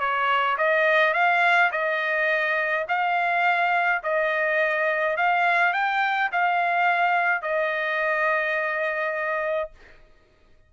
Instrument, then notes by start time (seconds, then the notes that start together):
trumpet
0.00 C#5
0.58 D#5
1.14 F5
1.72 D#5
2.89 F5
4.03 D#5
5.17 F5
5.73 G5
6.32 F5
7.42 D#5